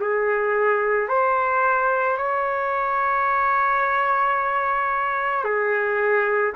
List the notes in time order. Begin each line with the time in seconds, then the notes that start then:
0.00 G#4
1.09 C5
2.18 C#5
5.44 G#4